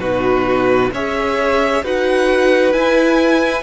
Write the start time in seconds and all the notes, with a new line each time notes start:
0.00 B2 D#4 F#4 B4
0.93 C#4 G#4 C#5 E5
1.84 D#4 F#4 B4 F#5
2.73 E4 G#5